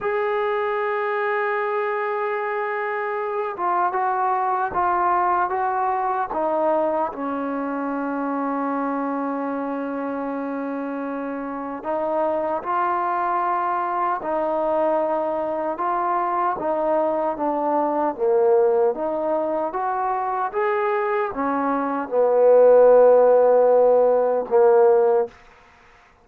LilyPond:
\new Staff \with { instrumentName = "trombone" } { \time 4/4 \tempo 4 = 76 gis'1~ | gis'8 f'8 fis'4 f'4 fis'4 | dis'4 cis'2.~ | cis'2. dis'4 |
f'2 dis'2 | f'4 dis'4 d'4 ais4 | dis'4 fis'4 gis'4 cis'4 | b2. ais4 | }